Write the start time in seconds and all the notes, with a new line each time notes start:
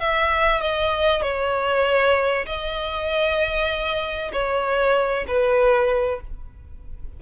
0.00 E5
0.61 D#5
1.22 C#5
2.46 D#5
4.32 C#5
5.28 B4